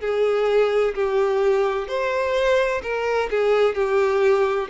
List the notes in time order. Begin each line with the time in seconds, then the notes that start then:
0.00 G#4
0.94 G4
1.87 C5
2.82 A#4
3.30 G#4
3.74 G4